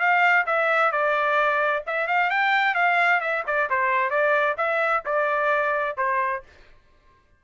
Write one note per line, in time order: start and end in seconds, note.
0.00 0.46 F5
0.46 0.92 E5
0.92 1.84 D5
1.87 2.08 E5
2.08 2.30 F5
2.30 2.75 G5
2.75 3.21 F5
3.21 3.44 E5
3.47 3.70 D5
3.70 4.10 C5
4.10 4.56 D5
4.58 5.04 E5
5.06 5.97 D5
5.98 6.43 C5